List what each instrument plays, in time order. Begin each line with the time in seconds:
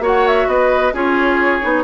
0.00 bassoon A#3, clarinet F#4, oboe C#5
0.06 flute F#5
0.28 flute E5
0.48 bassoon B3, oboe B4, flute D#5
0.93 bassoon C#4, clarinet F4, oboe G#4, flute C#5
1.62 bassoon B3, clarinet D#4